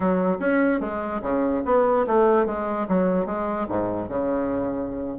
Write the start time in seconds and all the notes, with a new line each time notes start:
0.00 F#3
0.39 C#4
0.80 G#3
1.22 C#3
1.65 B3
2.06 A3
2.46 G#3
2.88 F#3
3.26 G#3
3.68 G#2
4.08 C#3